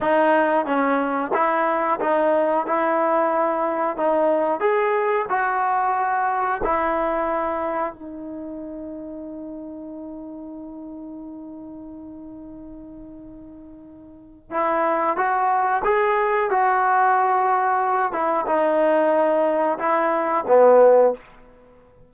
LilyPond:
\new Staff \with { instrumentName = "trombone" } { \time 4/4 \tempo 4 = 91 dis'4 cis'4 e'4 dis'4 | e'2 dis'4 gis'4 | fis'2 e'2 | dis'1~ |
dis'1~ | dis'2 e'4 fis'4 | gis'4 fis'2~ fis'8 e'8 | dis'2 e'4 b4 | }